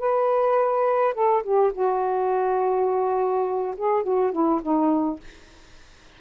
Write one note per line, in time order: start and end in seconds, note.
0.00 1.14 B4
1.14 1.43 A4
1.43 1.72 G4
1.73 3.75 F#4
3.77 4.04 G#4
4.04 4.33 F#4
4.33 4.62 E4
4.63 5.20 D#4